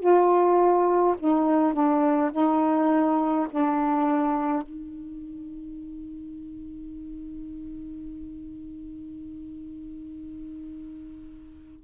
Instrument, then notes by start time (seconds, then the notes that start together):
saxophone
0.00 F4
1.20 D#4
1.73 D4
2.32 D#4
3.50 D4
4.63 D#4